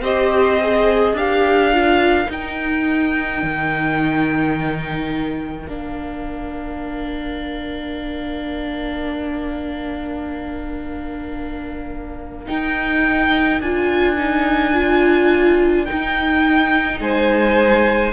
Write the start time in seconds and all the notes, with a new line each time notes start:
0.00 C4 G4 C5 D#5
0.61 G#4
1.13 D4 G4 A#4 F5
1.73 F4
2.26 D#4 G5
3.42 D#3
5.67 A#3 D4 F5
12.46 D#4 G5
13.60 D4 F4 G#5
14.17 D#4
14.73 F4
15.85 D#4 G5
15.91 D#4
17.00 G#3 C5 G#5